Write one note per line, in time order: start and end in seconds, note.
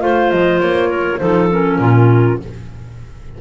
0.00 0.32 A3
0.00 1.19 F4
0.00 0.88 C5
0.00 0.30 F5
0.30 0.60 F3
0.30 0.60 D#5
0.60 1.20 A#3
0.60 1.18 C#5
0.88 1.18 A#4
1.18 1.79 F3
1.18 1.48 D#4
1.18 1.79 A4
1.18 1.48 C5
1.50 2.40 C#4
1.50 2.40 A#4
1.79 2.38 A#2
1.79 2.39 F4